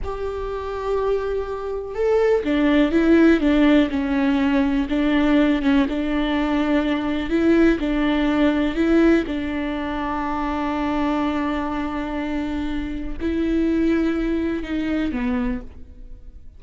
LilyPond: \new Staff \with { instrumentName = "viola" } { \time 4/4 \tempo 4 = 123 g'1 | a'4 d'4 e'4 d'4 | cis'2 d'4. cis'8 | d'2. e'4 |
d'2 e'4 d'4~ | d'1~ | d'2. e'4~ | e'2 dis'4 b4 | }